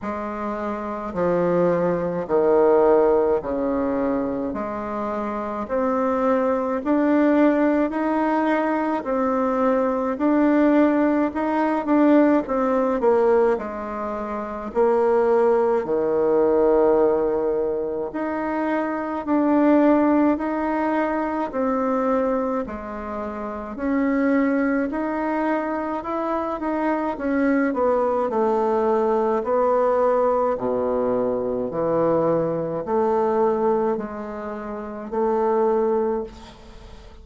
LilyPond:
\new Staff \with { instrumentName = "bassoon" } { \time 4/4 \tempo 4 = 53 gis4 f4 dis4 cis4 | gis4 c'4 d'4 dis'4 | c'4 d'4 dis'8 d'8 c'8 ais8 | gis4 ais4 dis2 |
dis'4 d'4 dis'4 c'4 | gis4 cis'4 dis'4 e'8 dis'8 | cis'8 b8 a4 b4 b,4 | e4 a4 gis4 a4 | }